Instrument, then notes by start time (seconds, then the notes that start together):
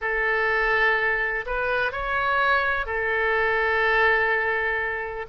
oboe
0.01 A4
1.46 B4
1.92 C#5
2.85 A4